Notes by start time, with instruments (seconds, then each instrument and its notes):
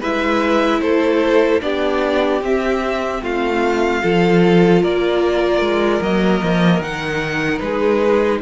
0.00 cello G#3, viola E4, violin B4 E5
0.80 cello A3, violin A4 C5
1.61 cello B3, viola D4, violin G4 D5
2.41 cello C4, viola C4, violin E5
3.22 cello A3, violin F4 F5
4.02 cello F3, viola F4, violin A4
4.82 cello A#3, violin A#4 D5
5.60 cello G#3
6.01 cello F#3, viola A#3, violin D#5
6.43 cello F3
6.80 cello D#3, viola D#4, violin F#5
7.58 cello G#3, violin G#4 B4